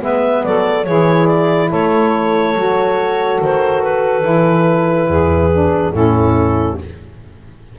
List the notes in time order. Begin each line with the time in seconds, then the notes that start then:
0.00 G#3 B3 B4 E5
0.44 F#3 A4 D5
0.85 E3 E4 G#4 C#5
1.27 D5
1.70 A3 A4 C#5
2.55 F#3 F#4
3.41 D#3 C5
3.83 B4
4.22 E3 E4
5.08 E2 G#4
5.52 D4
5.93 A2 C#4 E4 A4